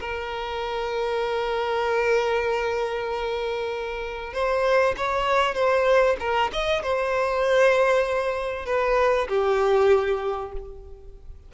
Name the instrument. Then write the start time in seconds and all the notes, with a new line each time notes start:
violin
0.00 A#4
4.33 C5
4.97 C#5
5.54 C5
6.19 A#4
6.52 D#5
6.82 C5
8.65 B4
9.28 G4